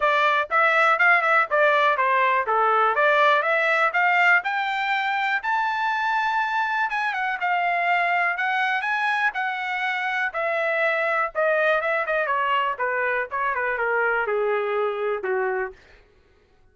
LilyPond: \new Staff \with { instrumentName = "trumpet" } { \time 4/4 \tempo 4 = 122 d''4 e''4 f''8 e''8 d''4 | c''4 a'4 d''4 e''4 | f''4 g''2 a''4~ | a''2 gis''8 fis''8 f''4~ |
f''4 fis''4 gis''4 fis''4~ | fis''4 e''2 dis''4 | e''8 dis''8 cis''4 b'4 cis''8 b'8 | ais'4 gis'2 fis'4 | }